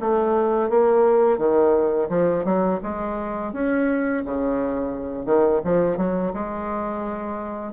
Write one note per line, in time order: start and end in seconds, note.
0.00 0.70 A3
0.70 1.38 A#3
1.38 2.08 D#3
2.09 2.44 F3
2.45 2.80 F#3
2.83 3.53 G#3
3.53 4.23 C#4
4.24 5.26 C#3
5.26 5.61 D#3
5.64 5.97 F3
5.97 6.32 F#3
6.33 7.73 G#3